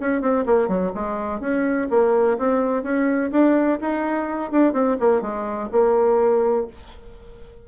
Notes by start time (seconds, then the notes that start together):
0.00 C#4
0.21 C4
0.46 A#3
0.68 F#3
0.95 G#3
1.40 C#4
1.90 A#3
2.38 C4
2.83 C#4
3.31 D4
3.81 D#4
4.52 D4
4.73 C4
5.00 A#3
5.22 G#3
5.72 A#3